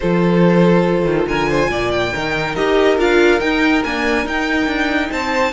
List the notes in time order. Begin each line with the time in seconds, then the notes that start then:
0.00 F3 F4 A4 C5
1.05 D#3
1.27 D3 A#4 G#5
1.49 C5
1.70 A#2 D5
1.91 G5
2.12 D#3 D#4 A#4
2.55 D#4 G4 D#5
2.98 D4 F4 F5
3.40 D#4 G5
3.84 A#3 D4 G#5
4.24 D#4 G5
4.66 D4
5.10 C4 C5 A5